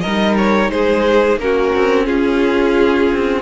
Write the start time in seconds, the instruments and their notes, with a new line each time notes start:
0.00 violin A#4 D#5
0.06 cello G3, viola D#4
0.37 violin C#5
0.69 cello G#3, violin G#4 C5
1.37 cello A#3, viola C#4, violin F#4 A#4
1.75 cello C4
2.05 cello C#4, violin F4 G#4
3.11 cello C4